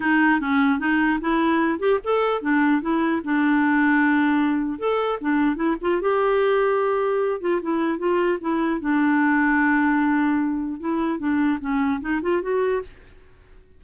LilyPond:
\new Staff \with { instrumentName = "clarinet" } { \time 4/4 \tempo 4 = 150 dis'4 cis'4 dis'4 e'4~ | e'8 g'8 a'4 d'4 e'4 | d'1 | a'4 d'4 e'8 f'8 g'4~ |
g'2~ g'8 f'8 e'4 | f'4 e'4 d'2~ | d'2. e'4 | d'4 cis'4 dis'8 f'8 fis'4 | }